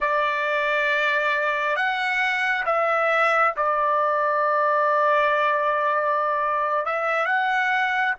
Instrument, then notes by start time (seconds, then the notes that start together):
trumpet
0.00 D5
1.76 F#5
2.65 E5
3.56 D5
6.85 E5
7.25 F#5